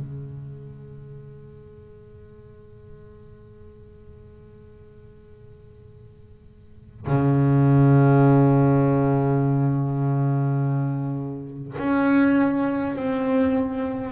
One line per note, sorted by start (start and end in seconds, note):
0.00 7.06 G#3
7.07 11.78 C#3
11.79 12.96 C#4
12.96 14.12 C4